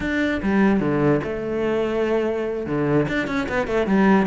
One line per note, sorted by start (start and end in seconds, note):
0.00 0.41 D4
0.42 0.80 G3
0.80 1.20 D3
1.23 2.66 A3
2.66 3.07 D3
3.08 3.27 D4
3.27 3.47 C#4
3.48 3.67 B3
3.67 3.87 A3
3.87 4.26 G3